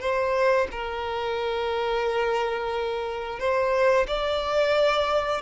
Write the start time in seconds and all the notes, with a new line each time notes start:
0.00 C5
0.71 A#4
3.39 C5
4.07 D5